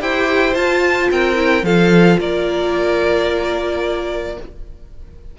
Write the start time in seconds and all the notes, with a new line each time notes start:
0.00 E4 G4 C5 G5
0.55 F4 A5
1.11 C4 A#4 G5
1.36 E4
1.64 F3 F4 A4 F5
2.19 A#3 A#4 D5